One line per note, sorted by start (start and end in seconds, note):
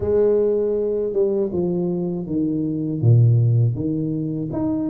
0.00 1.12 G#3
1.12 1.50 G3
1.52 2.26 F3
2.26 3.01 D#3
3.01 3.74 A#2
3.74 4.49 D#3
4.52 4.90 D#4